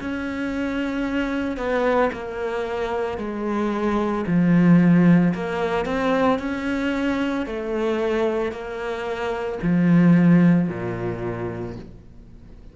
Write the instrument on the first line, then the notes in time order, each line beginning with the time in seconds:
cello
0.00 C#4
1.57 B3
2.12 A#3
3.18 G#3
4.26 F3
5.34 A#3
5.85 C4
6.38 C#4
7.46 A3
8.51 A#3
9.62 F3
10.69 A#2